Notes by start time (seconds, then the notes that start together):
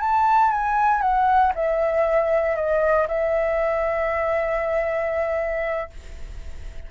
0.00 A5
0.51 G#5
1.01 F#5
1.55 E5
2.56 D#5
3.08 E5